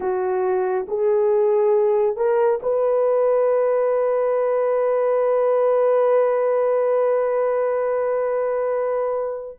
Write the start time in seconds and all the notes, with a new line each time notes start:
0.00 F#4
0.88 G#4
2.16 A#4
2.62 B4